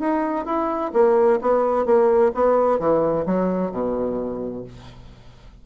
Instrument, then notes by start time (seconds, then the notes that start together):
bassoon
0.00 D#4
0.46 E4
0.94 A#3
1.42 B3
1.86 A#3
2.35 B3
2.80 E3
3.26 F#3
3.72 B2